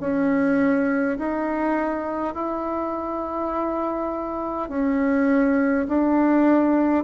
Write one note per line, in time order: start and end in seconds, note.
0.00 1.18 C#4
1.18 2.34 D#4
2.34 4.69 E4
4.69 5.87 C#4
5.88 7.04 D4